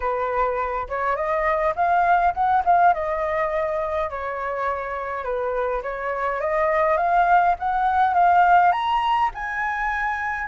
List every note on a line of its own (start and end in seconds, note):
0.00 0.87 B4
0.88 1.15 C#5
1.15 1.74 D#5
1.75 2.33 F5
2.34 2.63 F#5
2.64 2.93 F5
2.93 4.10 D#5
4.10 5.23 C#5
5.23 5.82 B4
5.82 6.40 C#5
6.40 6.97 D#5
6.97 7.55 F5
7.59 8.14 F#5
8.14 8.72 F5
8.72 9.30 A#5
9.34 10.47 G#5